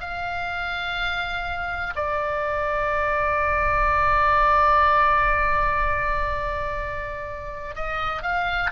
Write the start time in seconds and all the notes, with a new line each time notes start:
0.00 F5
1.95 D5
7.75 D#5
8.22 F5